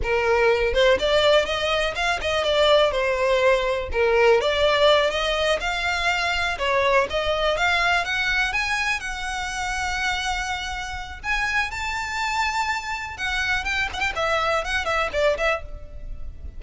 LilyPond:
\new Staff \with { instrumentName = "violin" } { \time 4/4 \tempo 4 = 123 ais'4. c''8 d''4 dis''4 | f''8 dis''8 d''4 c''2 | ais'4 d''4. dis''4 f''8~ | f''4. cis''4 dis''4 f''8~ |
f''8 fis''4 gis''4 fis''4.~ | fis''2. gis''4 | a''2. fis''4 | g''8 fis''16 g''16 e''4 fis''8 e''8 d''8 e''8 | }